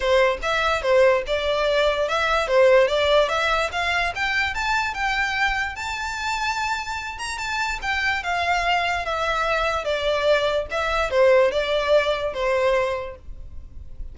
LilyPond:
\new Staff \with { instrumentName = "violin" } { \time 4/4 \tempo 4 = 146 c''4 e''4 c''4 d''4~ | d''4 e''4 c''4 d''4 | e''4 f''4 g''4 a''4 | g''2 a''2~ |
a''4. ais''8 a''4 g''4 | f''2 e''2 | d''2 e''4 c''4 | d''2 c''2 | }